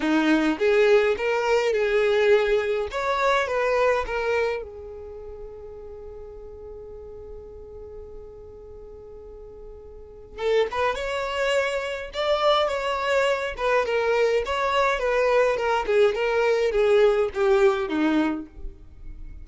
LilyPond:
\new Staff \with { instrumentName = "violin" } { \time 4/4 \tempo 4 = 104 dis'4 gis'4 ais'4 gis'4~ | gis'4 cis''4 b'4 ais'4 | gis'1~ | gis'1~ |
gis'2 a'8 b'8 cis''4~ | cis''4 d''4 cis''4. b'8 | ais'4 cis''4 b'4 ais'8 gis'8 | ais'4 gis'4 g'4 dis'4 | }